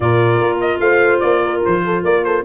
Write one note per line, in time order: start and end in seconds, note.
0.00 0.40 A#2
0.00 2.44 F4
0.00 0.81 A#4
0.00 0.58 D5
0.40 0.79 A#3
0.60 0.80 D#5
0.79 1.20 A3
0.79 1.43 C5
0.79 1.19 F5
1.19 1.64 A#3
1.19 1.60 D5
1.43 1.84 A#4
1.64 2.03 F3
1.64 2.04 C5
1.84 2.03 A4
2.03 2.44 A#3
2.03 2.23 A#4
2.03 2.24 D5
2.24 2.44 A4
2.24 2.44 C5